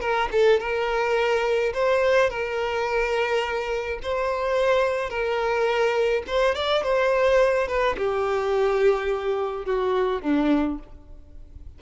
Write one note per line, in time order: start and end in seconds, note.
0.00 0.28 A#4
0.31 0.59 A4
0.59 1.73 A#4
1.73 2.29 C5
2.29 3.99 A#4
4.02 5.09 C5
5.09 6.22 A#4
6.27 6.55 C5
6.55 6.83 D5
6.83 7.67 C5
7.67 7.96 B4
7.97 9.65 G4
9.65 10.21 F#4
10.22 10.78 D4